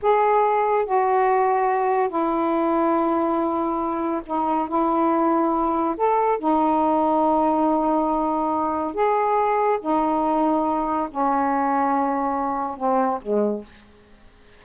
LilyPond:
\new Staff \with { instrumentName = "saxophone" } { \time 4/4 \tempo 4 = 141 gis'2 fis'2~ | fis'4 e'2.~ | e'2 dis'4 e'4~ | e'2 a'4 dis'4~ |
dis'1~ | dis'4 gis'2 dis'4~ | dis'2 cis'2~ | cis'2 c'4 gis4 | }